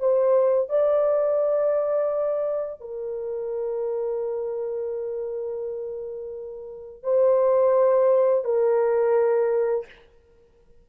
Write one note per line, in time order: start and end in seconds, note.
0.00 0.70 C5
0.70 2.81 D5
2.81 7.03 A#4
7.03 8.44 C5
8.45 9.86 A#4